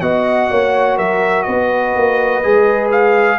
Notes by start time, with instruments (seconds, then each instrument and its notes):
0.00 tuba B3, trombone F#4, horn D#5, trumpet F#5
0.50 tuba A#3, horn C#5
0.97 tuba F#3, horn A#4, trumpet E5
1.42 tuba B3, horn B4, trumpet D#5
1.96 tuba A#3
2.43 tuba G#3, trombone G#4
2.91 trumpet F5